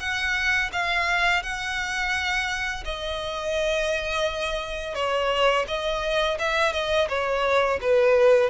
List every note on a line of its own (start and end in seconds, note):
0.00 0.71 F#5
0.73 1.43 F5
1.43 2.84 F#5
2.85 4.95 D#5
4.95 5.66 C#5
5.68 6.38 D#5
6.39 6.73 E5
6.73 7.08 D#5
7.09 7.79 C#5
7.81 8.50 B4